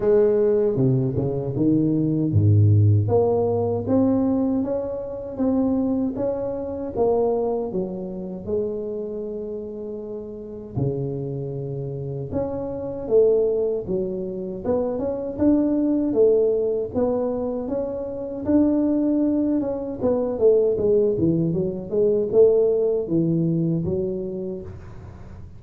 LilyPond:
\new Staff \with { instrumentName = "tuba" } { \time 4/4 \tempo 4 = 78 gis4 c8 cis8 dis4 gis,4 | ais4 c'4 cis'4 c'4 | cis'4 ais4 fis4 gis4~ | gis2 cis2 |
cis'4 a4 fis4 b8 cis'8 | d'4 a4 b4 cis'4 | d'4. cis'8 b8 a8 gis8 e8 | fis8 gis8 a4 e4 fis4 | }